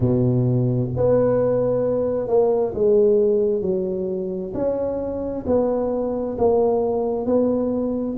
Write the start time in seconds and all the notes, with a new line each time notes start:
0.00 B2
0.96 B3
2.27 A#3
2.74 G#3
3.61 F#3
4.53 C#4
5.46 B3
6.38 A#3
7.26 B3